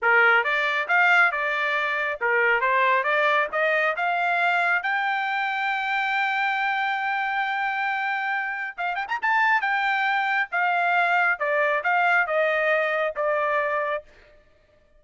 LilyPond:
\new Staff \with { instrumentName = "trumpet" } { \time 4/4 \tempo 4 = 137 ais'4 d''4 f''4 d''4~ | d''4 ais'4 c''4 d''4 | dis''4 f''2 g''4~ | g''1~ |
g''1 | f''8 g''16 ais''16 a''4 g''2 | f''2 d''4 f''4 | dis''2 d''2 | }